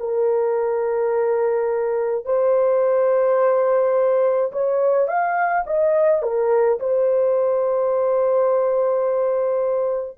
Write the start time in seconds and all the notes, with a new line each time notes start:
0.00 A#4
2.25 C5
4.52 C#5
5.08 F5
5.67 D#5
6.23 A#4
6.80 C5